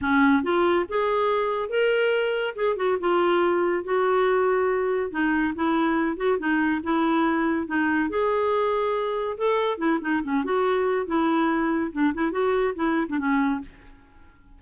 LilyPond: \new Staff \with { instrumentName = "clarinet" } { \time 4/4 \tempo 4 = 141 cis'4 f'4 gis'2 | ais'2 gis'8 fis'8 f'4~ | f'4 fis'2. | dis'4 e'4. fis'8 dis'4 |
e'2 dis'4 gis'4~ | gis'2 a'4 e'8 dis'8 | cis'8 fis'4. e'2 | d'8 e'8 fis'4 e'8. d'16 cis'4 | }